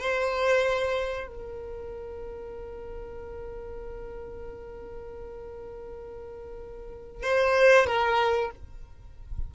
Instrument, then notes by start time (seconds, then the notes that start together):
violin
0.00 C5
1.28 A#4
7.23 C5
7.87 A#4